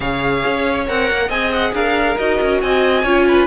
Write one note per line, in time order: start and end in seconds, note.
0.00 0.44 C#3
0.00 0.85 G#4
0.00 1.27 C#5
0.00 0.86 F5
0.45 0.89 C#4
0.87 1.10 C4
0.87 1.30 A#4
0.87 1.29 F#5
1.11 1.29 A#3
1.27 1.73 C4
1.27 2.17 G#4
1.27 1.71 D#5
1.27 1.51 G#5
1.52 1.74 F#5
1.73 2.16 D4
1.73 2.61 A#4
1.73 2.18 F5
2.18 2.39 D#4
2.18 3.05 F#4
2.18 2.61 D#5
2.41 2.62 C#4
2.61 3.03 C4
2.61 3.03 D#5
2.61 3.47 G#5
3.03 3.47 C#4
3.03 3.47 F4
3.03 3.25 C#5
3.27 3.47 B4